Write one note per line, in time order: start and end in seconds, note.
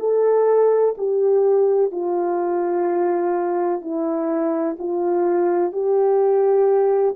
0.00 0.95 A4
0.98 1.92 G4
1.92 3.81 F4
3.81 4.77 E4
4.79 5.73 F4
5.73 7.16 G4